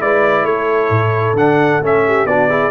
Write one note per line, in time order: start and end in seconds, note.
0.00 0.44 G#3
0.00 1.35 E4
0.00 0.47 B4
0.00 0.45 D5
0.44 0.89 A3
0.44 2.06 A4
0.44 1.35 C#5
0.89 1.33 A2
1.33 1.78 D3
1.33 1.82 D4
1.33 1.82 F#5
1.81 2.25 A3
1.81 2.27 C#4
1.81 2.26 E5
2.07 2.28 G4
2.25 2.70 B3
2.25 2.50 D4
2.25 2.49 F#4
2.25 2.71 D5
2.49 2.71 E4
2.49 2.71 G#4